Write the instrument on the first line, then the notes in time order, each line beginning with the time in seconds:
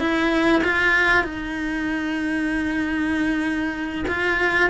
cello
0.00 E4
0.64 F4
1.24 D#4
4.08 F4